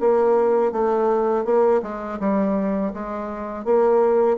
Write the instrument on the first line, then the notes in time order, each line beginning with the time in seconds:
bassoon
0.00 A#3
0.72 A3
1.45 A#3
1.82 G#3
2.20 G3
2.94 G#3
3.65 A#3